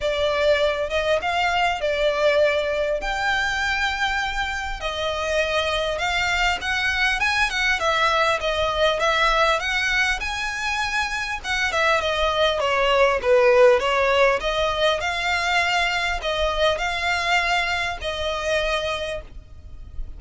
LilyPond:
\new Staff \with { instrumentName = "violin" } { \time 4/4 \tempo 4 = 100 d''4. dis''8 f''4 d''4~ | d''4 g''2. | dis''2 f''4 fis''4 | gis''8 fis''8 e''4 dis''4 e''4 |
fis''4 gis''2 fis''8 e''8 | dis''4 cis''4 b'4 cis''4 | dis''4 f''2 dis''4 | f''2 dis''2 | }